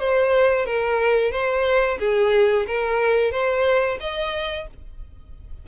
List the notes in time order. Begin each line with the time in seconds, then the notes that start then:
0.00 C5
0.66 A#4
1.32 C5
2.00 G#4
2.68 A#4
3.32 C5
4.01 D#5